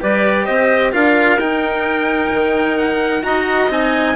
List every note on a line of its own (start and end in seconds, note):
0.00 0.47 G3
0.00 0.92 G4
0.00 0.45 B4
0.00 0.45 D5
0.45 0.94 C4
0.45 0.91 C5
0.45 0.91 D#5
0.92 1.38 D4
0.92 1.38 F4
0.92 3.23 A#4
0.92 1.39 F5
1.38 2.30 D#4
1.38 3.22 D#4
1.38 2.77 G5
2.33 3.23 D#3
2.77 3.23 F#5
3.22 3.69 D#4
3.22 3.68 F#4
3.22 4.16 D#5
3.22 3.70 A#5
3.69 4.15 C4
3.69 4.15 D#4
3.69 4.16 G#5